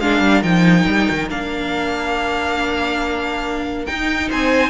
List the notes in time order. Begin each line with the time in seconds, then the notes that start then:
0.00 G#3 D4 A#4 F5
0.21 G3
0.43 F3 D#4 G5
0.87 G3
1.11 D#3
1.29 A#3 D4 F5
3.86 D#4 G5
4.29 C4 C5 G#5